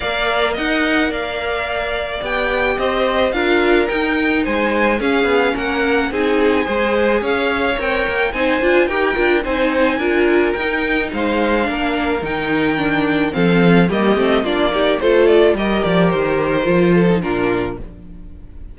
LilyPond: <<
  \new Staff \with { instrumentName = "violin" } { \time 4/4 \tempo 4 = 108 f''4 fis''4 f''2 | g''4 dis''4 f''4 g''4 | gis''4 f''4 fis''4 gis''4~ | gis''4 f''4 g''4 gis''4 |
g''4 gis''2 g''4 | f''2 g''2 | f''4 dis''4 d''4 c''8 d''8 | dis''8 d''8 c''2 ais'4 | }
  \new Staff \with { instrumentName = "violin" } { \time 4/4 d''4 dis''4 d''2~ | d''4 c''4 ais'2 | c''4 gis'4 ais'4 gis'4 | c''4 cis''2 c''4 |
ais'4 c''4 ais'2 | c''4 ais'2. | a'4 g'4 f'8 g'8 a'4 | ais'2~ ais'8 a'8 f'4 | }
  \new Staff \with { instrumentName = "viola" } { \time 4/4 ais'1 | g'2 f'4 dis'4~ | dis'4 cis'2 dis'4 | gis'2 ais'4 dis'8 f'8 |
g'8 f'8 dis'4 f'4 dis'4~ | dis'4 d'4 dis'4 d'4 | c'4 ais8 c'8 d'8 dis'8 f'4 | g'2 f'8. dis'16 d'4 | }
  \new Staff \with { instrumentName = "cello" } { \time 4/4 ais4 dis'4 ais2 | b4 c'4 d'4 dis'4 | gis4 cis'8 b8 ais4 c'4 | gis4 cis'4 c'8 ais8 c'8 d'8 |
dis'8 d'8 c'4 d'4 dis'4 | gis4 ais4 dis2 | f4 g8 a8 ais4 a4 | g8 f8 dis4 f4 ais,4 | }
>>